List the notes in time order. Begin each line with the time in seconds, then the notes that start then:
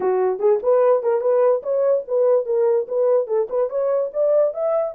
0.00 F#4
0.39 G#4
0.63 B4
1.02 A#4
1.20 B4
1.63 C#5
2.07 B4
2.45 A#4
2.88 B4
3.27 A4
3.49 B4
3.69 C#5
4.13 D5
4.54 E5